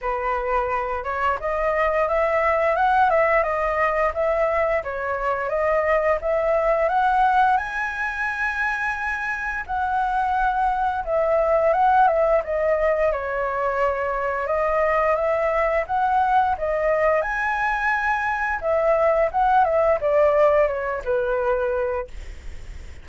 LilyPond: \new Staff \with { instrumentName = "flute" } { \time 4/4 \tempo 4 = 87 b'4. cis''8 dis''4 e''4 | fis''8 e''8 dis''4 e''4 cis''4 | dis''4 e''4 fis''4 gis''4~ | gis''2 fis''2 |
e''4 fis''8 e''8 dis''4 cis''4~ | cis''4 dis''4 e''4 fis''4 | dis''4 gis''2 e''4 | fis''8 e''8 d''4 cis''8 b'4. | }